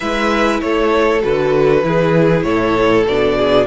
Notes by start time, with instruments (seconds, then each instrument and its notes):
0.00 cello G#3, viola E4, violin B4 E5
0.60 cello A3, violin A4 C#5
1.21 cello D3, viola F#4, violin B4
1.83 cello E3, viola E4, violin G#4
2.42 cello A2, violin A4 C#5
3.06 cello B2, viola D4, violin D5
3.38 violin G#4